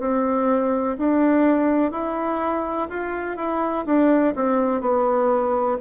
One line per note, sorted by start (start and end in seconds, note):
0.00 0.97 C4
0.99 1.92 D4
1.92 2.89 E4
2.89 3.37 F4
3.37 3.85 E4
3.86 4.35 D4
4.36 4.81 C4
4.81 5.78 B3